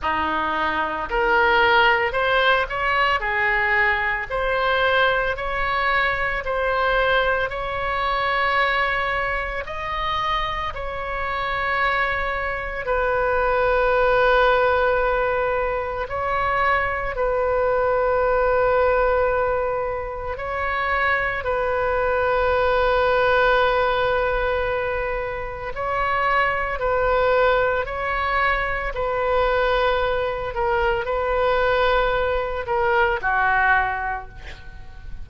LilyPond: \new Staff \with { instrumentName = "oboe" } { \time 4/4 \tempo 4 = 56 dis'4 ais'4 c''8 cis''8 gis'4 | c''4 cis''4 c''4 cis''4~ | cis''4 dis''4 cis''2 | b'2. cis''4 |
b'2. cis''4 | b'1 | cis''4 b'4 cis''4 b'4~ | b'8 ais'8 b'4. ais'8 fis'4 | }